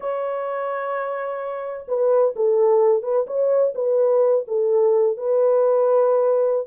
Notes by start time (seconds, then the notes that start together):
0.00 C#5
1.87 B4
2.36 A4
3.02 B4
3.26 C#5
3.75 B4
4.47 A4
5.17 B4